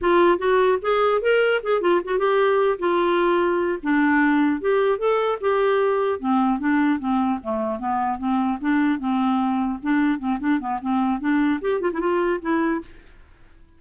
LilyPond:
\new Staff \with { instrumentName = "clarinet" } { \time 4/4 \tempo 4 = 150 f'4 fis'4 gis'4 ais'4 | gis'8 f'8 fis'8 g'4. f'4~ | f'4. d'2 g'8~ | g'8 a'4 g'2 c'8~ |
c'8 d'4 c'4 a4 b8~ | b8 c'4 d'4 c'4.~ | c'8 d'4 c'8 d'8 b8 c'4 | d'4 g'8 f'16 e'16 f'4 e'4 | }